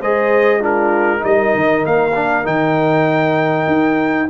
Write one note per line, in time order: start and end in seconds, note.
0.00 1.24 G#3
0.00 0.61 G#4
0.00 0.59 C5
0.00 0.63 D#5
0.59 1.19 D4
0.59 1.21 F4
0.59 1.24 A#4
1.19 1.55 G3
1.19 2.11 D#4
1.19 4.30 A#4
1.19 1.86 D#5
1.55 1.86 D#3
1.86 2.45 A#3
1.86 2.47 F5
2.15 2.44 D4
2.44 3.67 D#3
2.44 4.28 D#4
2.44 4.30 G5
3.67 4.28 D#4